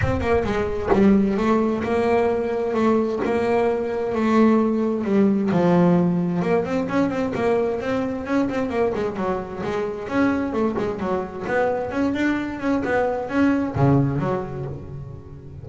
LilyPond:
\new Staff \with { instrumentName = "double bass" } { \time 4/4 \tempo 4 = 131 c'8 ais8 gis4 g4 a4 | ais2 a4 ais4~ | ais4 a2 g4 | f2 ais8 c'8 cis'8 c'8 |
ais4 c'4 cis'8 c'8 ais8 gis8 | fis4 gis4 cis'4 a8 gis8 | fis4 b4 cis'8 d'4 cis'8 | b4 cis'4 cis4 fis4 | }